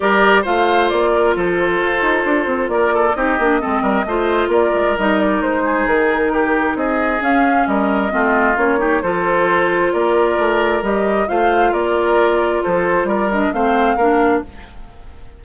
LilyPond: <<
  \new Staff \with { instrumentName = "flute" } { \time 4/4 \tempo 4 = 133 d''4 f''4 d''4 c''4~ | c''2 d''4 dis''4~ | dis''2 d''4 dis''8 d''8 | c''4 ais'2 dis''4 |
f''4 dis''2 cis''4 | c''2 d''2 | dis''4 f''4 d''2 | c''4 d''8 dis''8 f''2 | }
  \new Staff \with { instrumentName = "oboe" } { \time 4/4 ais'4 c''4. ais'8 a'4~ | a'2 ais'8 a'8 g'4 | a'8 ais'8 c''4 ais'2~ | ais'8 gis'4. g'4 gis'4~ |
gis'4 ais'4 f'4. g'8 | a'2 ais'2~ | ais'4 c''4 ais'2 | a'4 ais'4 c''4 ais'4 | }
  \new Staff \with { instrumentName = "clarinet" } { \time 4/4 g'4 f'2.~ | f'2. dis'8 d'8 | c'4 f'2 dis'4~ | dis'1 |
cis'2 c'4 cis'8 dis'8 | f'1 | g'4 f'2.~ | f'4. d'8 c'4 d'4 | }
  \new Staff \with { instrumentName = "bassoon" } { \time 4/4 g4 a4 ais4 f4 | f'8 dis'8 d'8 c'8 ais4 c'8 ais8 | gis8 g8 a4 ais8 gis8 g4 | gis4 dis2 c'4 |
cis'4 g4 a4 ais4 | f2 ais4 a4 | g4 a4 ais2 | f4 g4 a4 ais4 | }
>>